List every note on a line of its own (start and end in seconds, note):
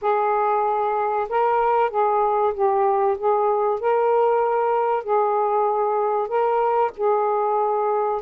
0.01 1.27 G#4
1.29 1.90 A#4
1.90 2.53 G#4
2.53 3.17 G4
3.18 3.80 G#4
3.80 5.03 A#4
5.03 6.28 G#4
6.28 6.91 A#4
6.96 8.21 G#4